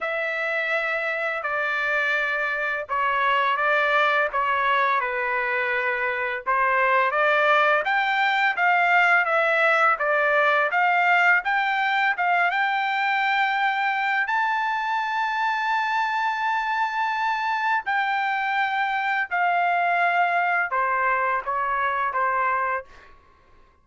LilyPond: \new Staff \with { instrumentName = "trumpet" } { \time 4/4 \tempo 4 = 84 e''2 d''2 | cis''4 d''4 cis''4 b'4~ | b'4 c''4 d''4 g''4 | f''4 e''4 d''4 f''4 |
g''4 f''8 g''2~ g''8 | a''1~ | a''4 g''2 f''4~ | f''4 c''4 cis''4 c''4 | }